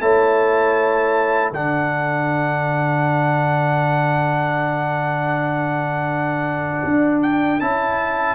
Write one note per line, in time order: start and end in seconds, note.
0.00 1.51 A3
0.00 1.53 E4
0.00 1.52 C#5
0.00 1.53 A5
1.51 6.82 D3
1.51 7.61 D4
1.51 8.35 A4
1.51 7.22 F#5
6.84 7.60 D4
7.22 7.60 G5
7.60 8.35 C#4
7.60 8.35 E4
7.60 8.35 A5